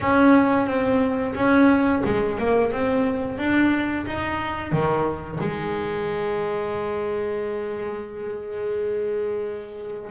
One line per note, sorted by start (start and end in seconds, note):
0.00 0.66 C#4
0.66 1.34 C4
1.35 2.02 C#4
2.04 2.38 G#3
2.38 2.72 A#3
2.72 3.38 C4
3.38 4.05 D4
4.05 4.72 D#4
4.72 5.39 D#3
5.40 10.10 G#3